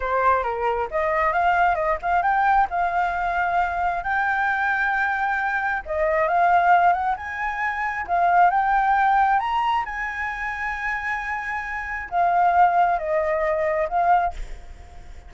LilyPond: \new Staff \with { instrumentName = "flute" } { \time 4/4 \tempo 4 = 134 c''4 ais'4 dis''4 f''4 | dis''8 f''8 g''4 f''2~ | f''4 g''2.~ | g''4 dis''4 f''4. fis''8 |
gis''2 f''4 g''4~ | g''4 ais''4 gis''2~ | gis''2. f''4~ | f''4 dis''2 f''4 | }